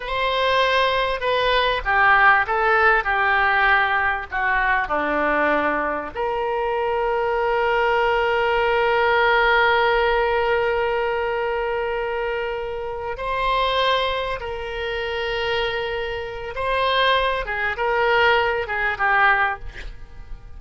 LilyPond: \new Staff \with { instrumentName = "oboe" } { \time 4/4 \tempo 4 = 98 c''2 b'4 g'4 | a'4 g'2 fis'4 | d'2 ais'2~ | ais'1~ |
ais'1~ | ais'4. c''2 ais'8~ | ais'2. c''4~ | c''8 gis'8 ais'4. gis'8 g'4 | }